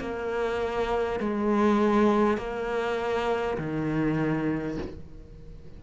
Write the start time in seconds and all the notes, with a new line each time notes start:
0.00 A#3
1.19 G#3
2.37 A#3
3.58 D#3